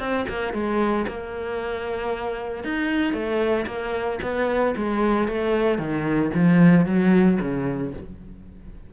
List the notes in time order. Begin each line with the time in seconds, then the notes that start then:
0.00 C4
0.29 A#3
0.54 G#3
1.08 A#3
2.64 D#4
3.14 A3
3.67 A#3
4.23 B3
4.77 G#3
5.28 A3
5.79 D#3
6.35 F3
6.86 F#3
7.41 C#3